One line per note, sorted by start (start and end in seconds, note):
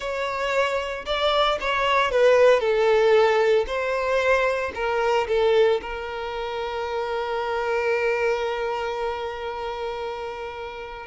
0.00 1.05 C#5
1.05 1.58 D5
1.60 2.11 C#5
2.11 2.59 B4
2.59 3.65 A4
3.67 4.72 C5
4.74 5.27 A#4
5.28 5.80 A4
5.81 11.06 A#4